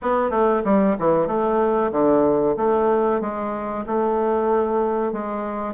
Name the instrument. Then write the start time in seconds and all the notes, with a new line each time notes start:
bassoon
0.01 B3
0.30 A3
0.64 G3
0.98 E3
1.27 A3
1.91 D3
2.56 A3
3.21 G#3
3.86 A3
5.12 G#3